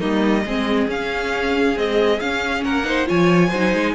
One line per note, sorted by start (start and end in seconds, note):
0.00 0.46 G3
0.00 0.44 A#3
0.00 0.44 D#4
0.00 0.88 D#5
0.46 0.88 G#3
0.46 0.90 C4
0.46 2.65 G#4
0.88 1.76 C#4
0.88 1.77 C#4
0.88 1.78 F5
1.76 2.21 G#3
1.76 2.20 C4
1.76 2.20 D#5
2.20 2.65 C#4
2.20 2.84 C#4
2.20 2.64 F5
2.65 3.09 A#3
2.65 2.86 A#4
2.65 3.08 F#5
2.84 3.06 D#4
2.84 3.08 C5
3.06 3.53 F3
3.06 3.50 F4
3.06 3.49 C#5
3.06 3.95 G#5
3.49 3.74 F#3
3.49 3.95 D#4
3.49 3.93 C5
3.74 3.95 G#3